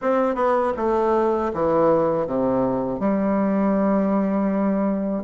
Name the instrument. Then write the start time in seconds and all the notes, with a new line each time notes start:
bassoon
0.01 C4
0.35 B3
0.76 A3
1.53 E3
2.26 C3
2.99 G3